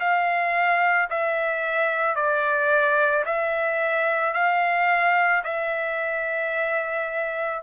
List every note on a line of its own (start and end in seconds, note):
0.00 1.09 F5
1.10 2.16 E5
2.16 3.25 D5
3.26 4.34 E5
4.34 5.43 F5
5.44 7.63 E5